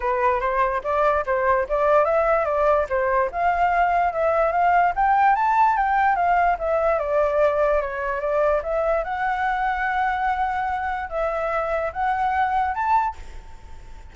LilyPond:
\new Staff \with { instrumentName = "flute" } { \time 4/4 \tempo 4 = 146 b'4 c''4 d''4 c''4 | d''4 e''4 d''4 c''4 | f''2 e''4 f''4 | g''4 a''4 g''4 f''4 |
e''4 d''2 cis''4 | d''4 e''4 fis''2~ | fis''2. e''4~ | e''4 fis''2 a''4 | }